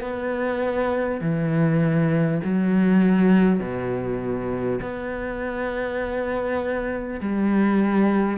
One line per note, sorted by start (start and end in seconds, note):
0.00 1.20 B3
1.20 2.40 E3
2.43 3.59 F#3
3.59 4.79 B2
4.81 7.20 B3
7.20 8.37 G3